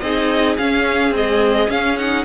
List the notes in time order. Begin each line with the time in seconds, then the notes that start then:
0.00 C4 D#4 G#4 D#5
0.57 C#4 F5
1.10 G#3 C4 D#5
1.68 C#4 F5
1.97 D#4 F#5